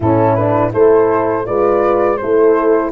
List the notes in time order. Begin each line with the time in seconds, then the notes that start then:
0.00 A2 C#4 E4 A4
0.35 D4 B4
0.70 A3 E4 A4 C5
1.45 G#3 F4 B4 D5
2.17 A3 E4 A4 C5